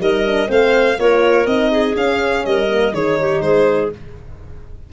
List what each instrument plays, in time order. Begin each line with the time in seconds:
0.00 tuba G3, horn D#4, clarinet A#4, violin D#5
0.26 horn D4
0.47 tuba A3, horn C4, clarinet C5, violin F5
0.99 tuba A#3, horn F4, clarinet A#4, violin C#5
1.46 tuba C4, horn D#4, violin D#5
1.71 clarinet G#4
1.95 horn C#4, tuba C#4, violin F5
2.45 tuba G3, clarinet A#4, violin D#5
2.69 horn A#3
2.92 tuba D#3, horn D#4, clarinet G#4, violin C#5
3.20 clarinet G4
3.41 tuba G#3, clarinet G#4, violin C5